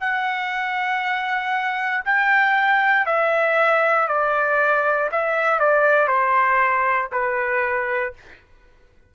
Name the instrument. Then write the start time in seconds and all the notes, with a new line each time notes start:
trumpet
0.00 F#5
2.05 G5
3.06 E5
4.08 D5
5.12 E5
5.60 D5
6.07 C5
7.12 B4